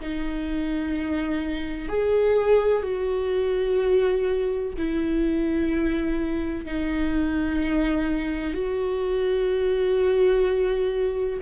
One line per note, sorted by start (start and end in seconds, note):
0.00 1.88 D#4
1.88 2.82 G#4
2.82 4.73 F#4
4.77 6.65 E4
6.65 8.54 D#4
8.54 11.39 F#4